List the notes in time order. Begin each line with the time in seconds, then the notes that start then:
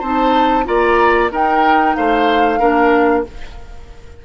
0.00 C4 D#4 C5 A5
0.65 A#3 F4 D5 A#5
1.32 D#4 A#4 G5
1.96 A3 C5 F5
2.60 A#3 D4 A#4